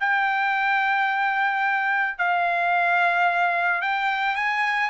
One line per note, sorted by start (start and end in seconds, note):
0.00 2.18 G5
2.18 3.81 F5
3.81 4.36 G5
4.36 4.90 G#5